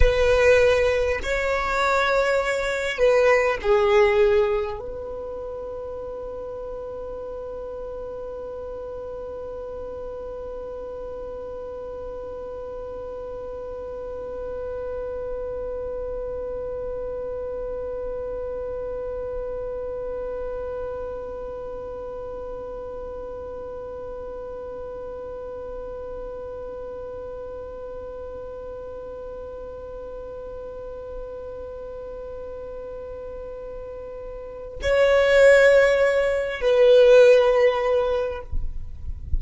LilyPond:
\new Staff \with { instrumentName = "violin" } { \time 4/4 \tempo 4 = 50 b'4 cis''4. b'8 gis'4 | b'1~ | b'1~ | b'1~ |
b'1~ | b'1~ | b'1~ | b'4 cis''4. b'4. | }